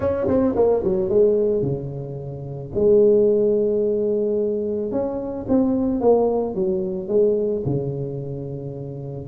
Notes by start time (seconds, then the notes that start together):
0.00 C#4
0.27 C4
0.55 A#3
0.83 F#3
1.09 G#3
1.61 C#3
2.74 G#3
4.91 C#4
5.48 C4
6.00 A#3
6.54 F#3
7.08 G#3
7.65 C#3